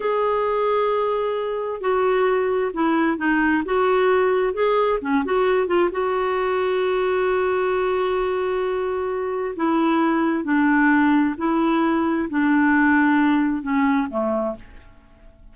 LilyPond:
\new Staff \with { instrumentName = "clarinet" } { \time 4/4 \tempo 4 = 132 gis'1 | fis'2 e'4 dis'4 | fis'2 gis'4 cis'8 fis'8~ | fis'8 f'8 fis'2.~ |
fis'1~ | fis'4 e'2 d'4~ | d'4 e'2 d'4~ | d'2 cis'4 a4 | }